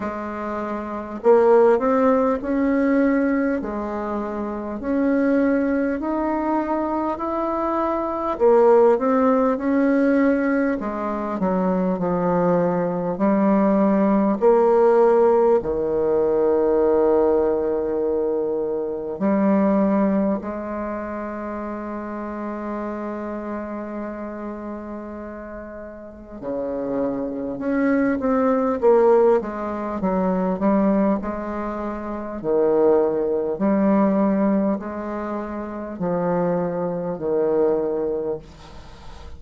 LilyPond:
\new Staff \with { instrumentName = "bassoon" } { \time 4/4 \tempo 4 = 50 gis4 ais8 c'8 cis'4 gis4 | cis'4 dis'4 e'4 ais8 c'8 | cis'4 gis8 fis8 f4 g4 | ais4 dis2. |
g4 gis2.~ | gis2 cis4 cis'8 c'8 | ais8 gis8 fis8 g8 gis4 dis4 | g4 gis4 f4 dis4 | }